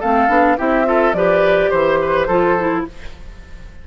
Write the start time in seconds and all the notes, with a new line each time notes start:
0.00 A3 C4 A4 F5
0.29 B3 D4
0.58 C4 E4 G4 E5
0.85 F4 A4
1.13 F3 G4 B4 D5
1.71 E3 C5
2.02 B4
2.27 F3 F4 A4
2.59 E4